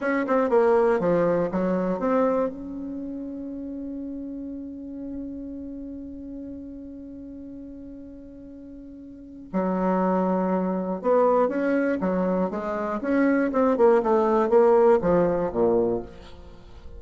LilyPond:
\new Staff \with { instrumentName = "bassoon" } { \time 4/4 \tempo 4 = 120 cis'8 c'8 ais4 f4 fis4 | c'4 cis'2.~ | cis'1~ | cis'1~ |
cis'2. fis4~ | fis2 b4 cis'4 | fis4 gis4 cis'4 c'8 ais8 | a4 ais4 f4 ais,4 | }